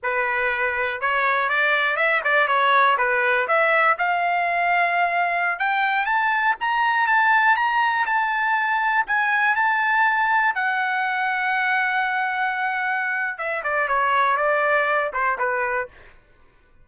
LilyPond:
\new Staff \with { instrumentName = "trumpet" } { \time 4/4 \tempo 4 = 121 b'2 cis''4 d''4 | e''8 d''8 cis''4 b'4 e''4 | f''2.~ f''16 g''8.~ | g''16 a''4 ais''4 a''4 ais''8.~ |
ais''16 a''2 gis''4 a''8.~ | a''4~ a''16 fis''2~ fis''8.~ | fis''2. e''8 d''8 | cis''4 d''4. c''8 b'4 | }